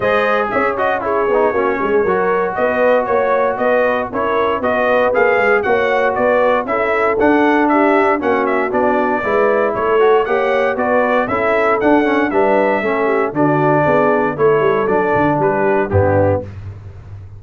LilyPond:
<<
  \new Staff \with { instrumentName = "trumpet" } { \time 4/4 \tempo 4 = 117 dis''4 e''8 dis''8 cis''2~ | cis''4 dis''4 cis''4 dis''4 | cis''4 dis''4 f''4 fis''4 | d''4 e''4 fis''4 e''4 |
fis''8 e''8 d''2 cis''4 | fis''4 d''4 e''4 fis''4 | e''2 d''2 | cis''4 d''4 b'4 g'4 | }
  \new Staff \with { instrumentName = "horn" } { \time 4/4 c''4 cis''4 gis'4 fis'8 gis'8 | ais'4 b'4 cis''4 b'4 | ais'4 b'2 cis''4 | b'4 a'2 g'4 |
fis'2 b'4 a'4 | cis''4 b'4 a'2 | b'4 a'8 g'8 fis'4 gis'4 | a'2 g'4 d'4 | }
  \new Staff \with { instrumentName = "trombone" } { \time 4/4 gis'4. fis'8 e'8 dis'8 cis'4 | fis'1 | e'4 fis'4 gis'4 fis'4~ | fis'4 e'4 d'2 |
cis'4 d'4 e'4. fis'8 | g'4 fis'4 e'4 d'8 cis'8 | d'4 cis'4 d'2 | e'4 d'2 b4 | }
  \new Staff \with { instrumentName = "tuba" } { \time 4/4 gis4 cis'4. b8 ais8 gis8 | fis4 b4 ais4 b4 | cis'4 b4 ais8 gis8 ais4 | b4 cis'4 d'2 |
ais4 b4 gis4 a4 | ais4 b4 cis'4 d'4 | g4 a4 d4 b4 | a8 g8 fis8 d8 g4 g,4 | }
>>